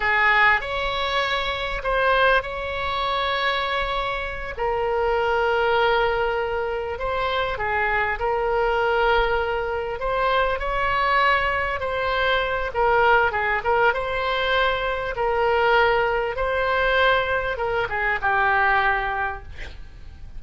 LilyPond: \new Staff \with { instrumentName = "oboe" } { \time 4/4 \tempo 4 = 99 gis'4 cis''2 c''4 | cis''2.~ cis''8 ais'8~ | ais'2.~ ais'8 c''8~ | c''8 gis'4 ais'2~ ais'8~ |
ais'8 c''4 cis''2 c''8~ | c''4 ais'4 gis'8 ais'8 c''4~ | c''4 ais'2 c''4~ | c''4 ais'8 gis'8 g'2 | }